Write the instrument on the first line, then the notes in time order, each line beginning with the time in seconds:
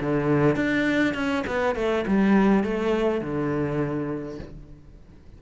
cello
0.00 D3
0.55 D4
1.14 C#4
1.47 B3
1.75 A3
2.07 G3
2.63 A3
3.20 D3